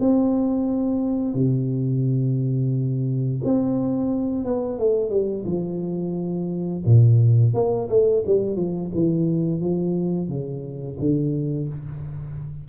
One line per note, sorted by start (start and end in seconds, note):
0.00 1.34 C4
1.34 3.41 C3
3.45 4.45 C4
4.45 4.79 B3
4.79 5.10 A3
5.10 5.45 G3
5.46 6.84 F3
6.86 7.54 A#2
7.54 7.89 A#3
7.89 8.24 A3
8.27 8.56 G3
8.56 8.91 F3
8.94 9.61 E3
9.61 10.29 F3
10.29 10.98 C#3
11.00 11.69 D3